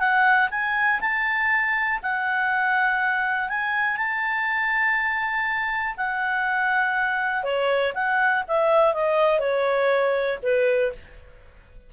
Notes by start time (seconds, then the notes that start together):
0.00 F#5
0.51 G#5
1.01 A5
2.03 F#5
3.50 G#5
3.98 A5
5.98 F#5
7.44 C#5
7.95 F#5
8.49 E5
8.94 D#5
9.40 C#5
10.43 B4